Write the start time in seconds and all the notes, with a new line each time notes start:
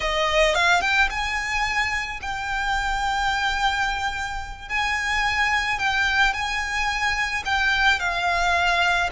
0.00 D#5
0.55 F5
0.81 G5
1.09 G#5
2.21 G5
4.68 G#5
5.78 G5
6.33 G#5
7.45 G5
7.99 F5